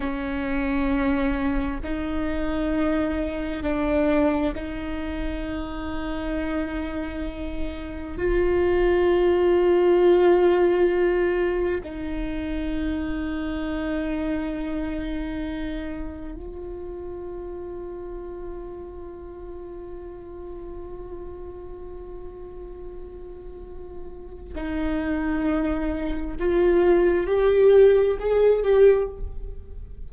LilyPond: \new Staff \with { instrumentName = "viola" } { \time 4/4 \tempo 4 = 66 cis'2 dis'2 | d'4 dis'2.~ | dis'4 f'2.~ | f'4 dis'2.~ |
dis'2 f'2~ | f'1~ | f'2. dis'4~ | dis'4 f'4 g'4 gis'8 g'8 | }